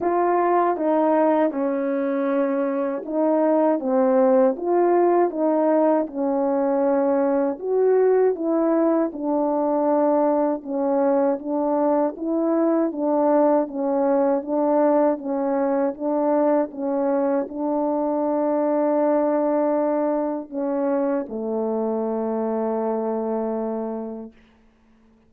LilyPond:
\new Staff \with { instrumentName = "horn" } { \time 4/4 \tempo 4 = 79 f'4 dis'4 cis'2 | dis'4 c'4 f'4 dis'4 | cis'2 fis'4 e'4 | d'2 cis'4 d'4 |
e'4 d'4 cis'4 d'4 | cis'4 d'4 cis'4 d'4~ | d'2. cis'4 | a1 | }